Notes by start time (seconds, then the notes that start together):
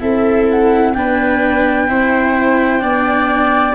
0.00 C4 E4 A4 E5
0.51 F#5
0.94 B3 D4 B4 G5
1.88 C4 E4 C5
2.80 B3 D4 D5